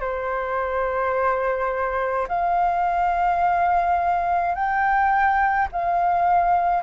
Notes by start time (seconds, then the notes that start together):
0.00 C5
2.28 F5
4.54 G5
5.72 F5